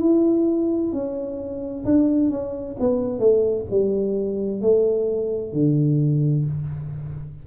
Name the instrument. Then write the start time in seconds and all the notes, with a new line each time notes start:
tuba
0.00 E4
0.92 C#4
1.85 D4
2.30 C#4
2.79 B3
3.19 A3
3.70 G3
4.61 A3
5.53 D3